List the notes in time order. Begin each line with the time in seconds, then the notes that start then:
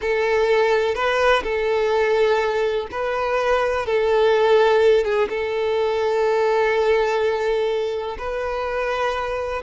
0.01 A4
0.94 B4
1.43 A4
2.91 B4
3.86 A4
5.04 G#4
5.29 A4
8.18 B4